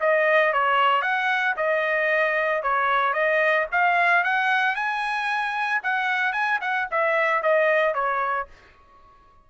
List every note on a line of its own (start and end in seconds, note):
0.00 0.53 D#5
0.53 1.02 C#5
1.02 1.55 F#5
1.56 2.62 D#5
2.62 3.13 C#5
3.13 3.66 D#5
3.72 4.24 F5
4.24 4.75 F#5
4.75 5.81 G#5
5.83 6.33 F#5
6.33 6.59 G#5
6.61 6.88 F#5
6.91 7.42 E5
7.42 7.94 D#5
7.94 8.47 C#5